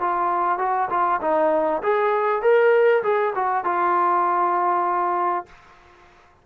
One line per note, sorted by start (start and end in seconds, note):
0.00 0.58 F4
0.58 0.88 F#4
0.90 1.20 F4
1.21 1.82 D#4
1.82 2.42 G#4
2.42 3.02 A#4
3.03 3.33 G#4
3.35 3.64 F#4
3.64 5.46 F4